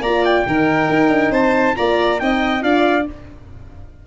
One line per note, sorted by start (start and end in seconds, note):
0.00 0.43 A#3
0.00 0.47 F4
0.00 0.44 D5
0.00 0.24 A#5
0.25 1.33 G5
0.46 0.89 D#3
0.46 1.76 D#4
0.46 1.31 A#4
0.89 1.08 D#4
1.08 1.30 D4
1.30 1.73 C4
1.30 1.74 C5
1.30 1.76 A5
1.76 2.21 A#3
1.76 2.18 F4
1.76 2.20 D5
1.76 2.19 A#5
2.18 2.62 C4
2.18 2.61 D#4
2.18 2.63 D#5
2.18 2.63 G5
2.61 3.06 D4
2.61 3.04 F4
2.61 3.07 D5
2.61 3.06 F5